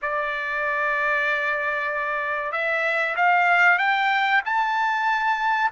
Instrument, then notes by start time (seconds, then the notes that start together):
trumpet
0.02 D5
2.51 E5
3.16 F5
3.78 G5
4.45 A5